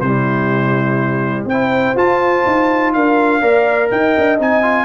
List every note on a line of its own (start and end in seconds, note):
0.00 1.44 C3
0.00 1.50 G3
0.00 1.50 E4
0.00 1.45 C5
1.44 1.93 C4
1.44 1.96 E4
1.44 2.95 C5
1.44 1.97 G5
1.95 2.44 F4
1.95 3.41 F4
1.95 2.93 A5
2.46 2.95 D#4
2.93 3.42 D4
2.93 3.41 A#4
2.93 3.90 F5
3.41 3.90 A#3
3.41 4.38 A#4
3.41 3.89 D5
3.91 4.16 D#4
3.91 4.85 D#5
3.91 4.39 G5
4.17 4.39 D4
4.39 4.85 C4
4.39 4.62 D#4
4.39 4.85 G#5
4.62 4.85 F4